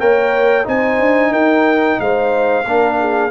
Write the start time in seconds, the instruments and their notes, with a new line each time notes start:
0.00 tuba A#3, trombone A#4, horn C#5, trumpet G5
0.65 tuba C4, trombone D#4, horn C5, trumpet G#5
1.00 tuba D4
1.32 tuba D#4, horn A#4, trumpet G5
2.00 tuba G#3, horn C5, trumpet F5
2.66 tuba A#3, trombone D4, horn A#4
3.00 horn G#4